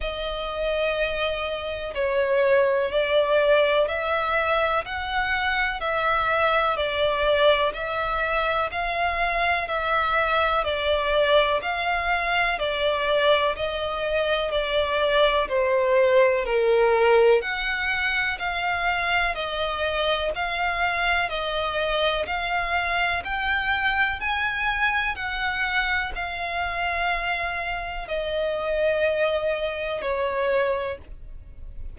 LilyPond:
\new Staff \with { instrumentName = "violin" } { \time 4/4 \tempo 4 = 62 dis''2 cis''4 d''4 | e''4 fis''4 e''4 d''4 | e''4 f''4 e''4 d''4 | f''4 d''4 dis''4 d''4 |
c''4 ais'4 fis''4 f''4 | dis''4 f''4 dis''4 f''4 | g''4 gis''4 fis''4 f''4~ | f''4 dis''2 cis''4 | }